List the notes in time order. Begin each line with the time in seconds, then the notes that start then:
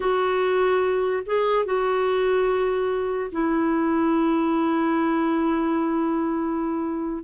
0.00 F#4
1.25 G#4
1.65 F#4
3.32 E4